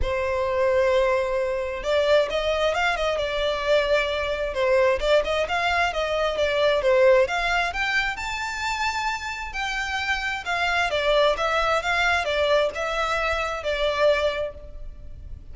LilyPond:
\new Staff \with { instrumentName = "violin" } { \time 4/4 \tempo 4 = 132 c''1 | d''4 dis''4 f''8 dis''8 d''4~ | d''2 c''4 d''8 dis''8 | f''4 dis''4 d''4 c''4 |
f''4 g''4 a''2~ | a''4 g''2 f''4 | d''4 e''4 f''4 d''4 | e''2 d''2 | }